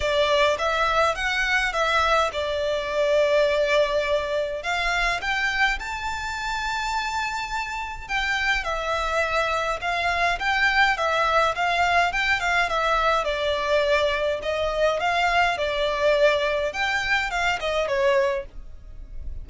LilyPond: \new Staff \with { instrumentName = "violin" } { \time 4/4 \tempo 4 = 104 d''4 e''4 fis''4 e''4 | d''1 | f''4 g''4 a''2~ | a''2 g''4 e''4~ |
e''4 f''4 g''4 e''4 | f''4 g''8 f''8 e''4 d''4~ | d''4 dis''4 f''4 d''4~ | d''4 g''4 f''8 dis''8 cis''4 | }